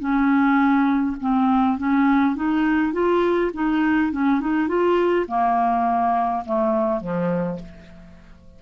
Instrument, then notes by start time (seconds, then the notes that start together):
clarinet
0.00 C#4
1.21 C4
1.78 C#4
2.36 D#4
2.93 F4
3.54 D#4
4.12 C#4
4.41 D#4
4.68 F4
5.28 A#3
6.45 A3
7.01 F3